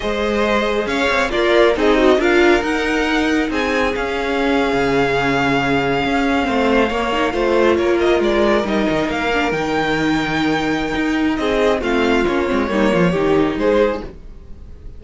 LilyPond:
<<
  \new Staff \with { instrumentName = "violin" } { \time 4/4 \tempo 4 = 137 dis''2 f''4 d''4 | dis''4 f''4 fis''2 | gis''4 f''2.~ | f''1~ |
f''4.~ f''16 cis''8 dis''8 d''4 dis''16~ | dis''8. f''4 g''2~ g''16~ | g''2 dis''4 f''4 | cis''2. c''4 | }
  \new Staff \with { instrumentName = "violin" } { \time 4/4 c''2 cis''4 f'4 | dis'4 ais'2. | gis'1~ | gis'2~ gis'8. c''4 cis''16~ |
cis''8. c''4 ais'2~ ais'16~ | ais'1~ | ais'2 gis'4 f'4~ | f'4 dis'8 f'8 g'4 gis'4 | }
  \new Staff \with { instrumentName = "viola" } { \time 4/4 gis'2. ais'4 | gis'8 fis'8 f'4 dis'2~ | dis'4 cis'2.~ | cis'2~ cis'8. c'4 ais16~ |
ais16 dis'8 f'2. dis'16~ | dis'4~ dis'16 d'8 dis'2~ dis'16~ | dis'2. c'4 | cis'8 c'8 ais4 dis'2 | }
  \new Staff \with { instrumentName = "cello" } { \time 4/4 gis2 cis'8 c'8 ais4 | c'4 d'4 dis'2 | c'4 cis'4.~ cis'16 cis4~ cis16~ | cis4.~ cis16 cis'4 a4 ais16~ |
ais8. a4 ais4 gis4 g16~ | g16 dis8 ais4 dis2~ dis16~ | dis4 dis'4 c'4 a4 | ais8 gis8 g8 f8 dis4 gis4 | }
>>